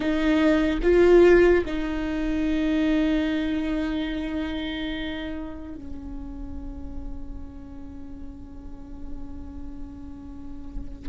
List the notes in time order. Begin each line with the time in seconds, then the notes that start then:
0.00 D#4
0.82 F4
1.65 D#4
5.75 C#4